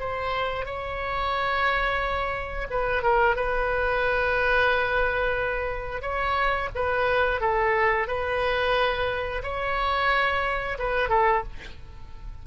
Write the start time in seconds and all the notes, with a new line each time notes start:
0.00 C5
0.65 C#5
2.70 B4
3.03 A#4
3.36 B4
6.02 C#5
6.75 B4
7.41 A4
8.07 B4
9.43 C#5
10.79 B4
11.09 A4